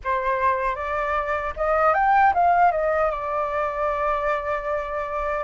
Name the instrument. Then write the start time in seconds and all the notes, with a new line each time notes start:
flute
0.04 C5
0.75 D5
1.56 D#5
1.94 G5
2.33 F5
2.71 D#5
3.10 D5